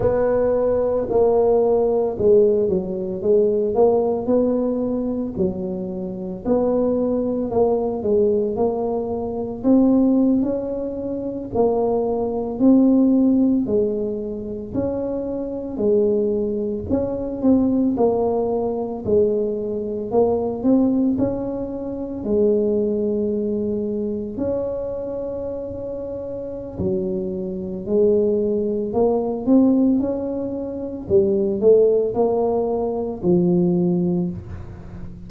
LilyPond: \new Staff \with { instrumentName = "tuba" } { \time 4/4 \tempo 4 = 56 b4 ais4 gis8 fis8 gis8 ais8 | b4 fis4 b4 ais8 gis8 | ais4 c'8. cis'4 ais4 c'16~ | c'8. gis4 cis'4 gis4 cis'16~ |
cis'16 c'8 ais4 gis4 ais8 c'8 cis'16~ | cis'8. gis2 cis'4~ cis'16~ | cis'4 fis4 gis4 ais8 c'8 | cis'4 g8 a8 ais4 f4 | }